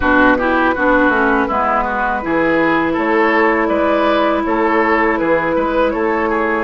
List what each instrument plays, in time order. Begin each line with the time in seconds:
0.00 bassoon B2, clarinet D4, oboe F#4, flute B4
0.37 clarinet E4, oboe G4
0.74 bassoon B3, clarinet D4, oboe F#4
1.08 bassoon A3, clarinet C#4
1.47 bassoon G#3, clarinet B3, oboe E4
1.83 oboe F#4
2.22 bassoon E3, clarinet E4, oboe G#4
2.93 bassoon A3, oboe A4, flute C#5
3.66 bassoon G#3, oboe B4, flute D5
4.44 bassoon A3, oboe A4, flute C#5
5.18 bassoon E3, oboe G#4, flute B4
5.55 bassoon G#3, oboe B4
5.90 bassoon A3, oboe A4, flute C#5
6.29 oboe G#4